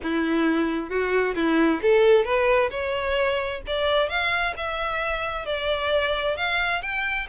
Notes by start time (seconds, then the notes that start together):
0.02 E4
0.89 F#4
1.35 E4
1.82 A4
2.24 B4
2.70 C#5
3.66 D5
4.09 F5
4.56 E5
5.45 D5
6.37 F5
6.82 G5